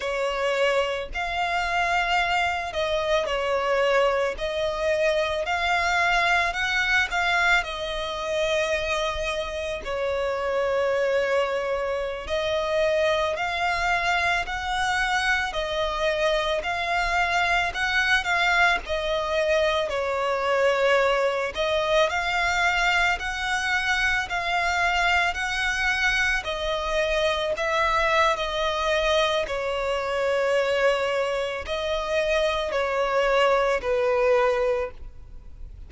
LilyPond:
\new Staff \with { instrumentName = "violin" } { \time 4/4 \tempo 4 = 55 cis''4 f''4. dis''8 cis''4 | dis''4 f''4 fis''8 f''8 dis''4~ | dis''4 cis''2~ cis''16 dis''8.~ | dis''16 f''4 fis''4 dis''4 f''8.~ |
f''16 fis''8 f''8 dis''4 cis''4. dis''16~ | dis''16 f''4 fis''4 f''4 fis''8.~ | fis''16 dis''4 e''8. dis''4 cis''4~ | cis''4 dis''4 cis''4 b'4 | }